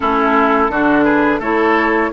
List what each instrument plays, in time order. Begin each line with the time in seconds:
0.00 bassoon A3, clarinet C#4, oboe E4, flute A4
0.69 bassoon D3, clarinet D4, oboe F#4
1.03 oboe G#4, flute B4
1.39 bassoon A3, clarinet E4, oboe A4, flute C#5